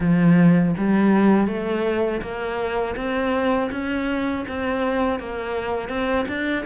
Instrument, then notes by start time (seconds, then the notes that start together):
cello
0.00 F3
0.77 G3
1.47 A3
2.21 A#3
2.96 C4
3.71 C#4
4.48 C4
5.19 A#3
5.88 C4
6.28 D4